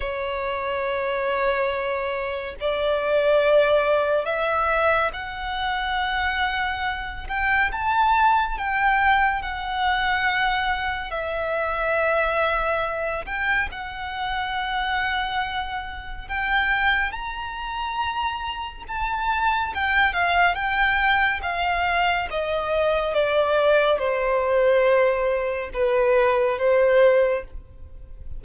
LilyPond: \new Staff \with { instrumentName = "violin" } { \time 4/4 \tempo 4 = 70 cis''2. d''4~ | d''4 e''4 fis''2~ | fis''8 g''8 a''4 g''4 fis''4~ | fis''4 e''2~ e''8 g''8 |
fis''2. g''4 | ais''2 a''4 g''8 f''8 | g''4 f''4 dis''4 d''4 | c''2 b'4 c''4 | }